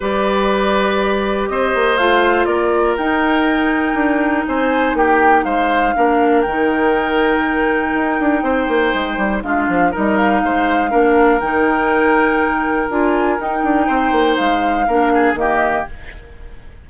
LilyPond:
<<
  \new Staff \with { instrumentName = "flute" } { \time 4/4 \tempo 4 = 121 d''2. dis''4 | f''4 d''4 g''2~ | g''4 gis''4 g''4 f''4~ | f''4 g''2.~ |
g''2. f''4 | dis''8 f''2~ f''8 g''4~ | g''2 gis''4 g''4~ | g''4 f''2 dis''4 | }
  \new Staff \with { instrumentName = "oboe" } { \time 4/4 b'2. c''4~ | c''4 ais'2.~ | ais'4 c''4 g'4 c''4 | ais'1~ |
ais'4 c''2 f'4 | ais'4 c''4 ais'2~ | ais'1 | c''2 ais'8 gis'8 g'4 | }
  \new Staff \with { instrumentName = "clarinet" } { \time 4/4 g'1 | f'2 dis'2~ | dis'1 | d'4 dis'2.~ |
dis'2. d'4 | dis'2 d'4 dis'4~ | dis'2 f'4 dis'4~ | dis'2 d'4 ais4 | }
  \new Staff \with { instrumentName = "bassoon" } { \time 4/4 g2. c'8 ais8 | a4 ais4 dis'2 | d'4 c'4 ais4 gis4 | ais4 dis2. |
dis'8 d'8 c'8 ais8 gis8 g8 gis8 f8 | g4 gis4 ais4 dis4~ | dis2 d'4 dis'8 d'8 | c'8 ais8 gis4 ais4 dis4 | }
>>